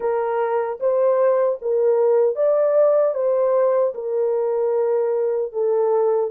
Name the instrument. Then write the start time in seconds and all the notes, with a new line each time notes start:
horn
0.00 A#4
0.80 C5
1.61 A#4
2.35 D5
3.14 C5
3.94 A#4
5.52 A4